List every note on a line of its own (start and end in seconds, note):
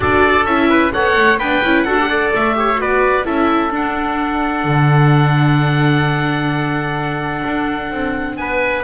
0.00 0.45 D4
0.00 0.46 F#4
0.00 0.69 A4
0.00 0.45 D5
0.45 0.91 C#4
0.45 0.92 E4
0.45 0.92 E5
0.69 0.92 B4
0.92 1.16 B3
0.92 1.39 A4
0.92 1.38 C#5
0.92 1.38 F#5
1.16 1.37 A3
1.37 1.61 B3
1.37 1.64 D4
1.37 1.85 B4
1.37 1.82 G5
1.63 1.86 C#4
1.63 1.87 E4
1.82 2.32 D4
1.82 1.99 F#4
1.82 2.08 A4
1.82 2.29 F#5
2.00 2.08 G4
2.08 2.54 A4
2.08 2.55 D5
2.34 2.79 A3
2.34 2.80 E5
2.54 2.76 G4
2.54 2.80 C#5
2.76 3.25 B3
2.76 3.22 F#4
2.76 3.25 B4
2.76 3.25 D5
3.24 3.72 C#4
3.24 3.70 E4
3.24 8.37 A4
3.24 3.71 E5
3.70 8.82 D4
3.70 4.63 D4
3.70 8.37 F#5
4.63 7.43 D3
7.45 7.91 D4
7.91 8.37 C4
8.37 8.83 B3
8.37 8.83 B4
8.37 8.83 G#5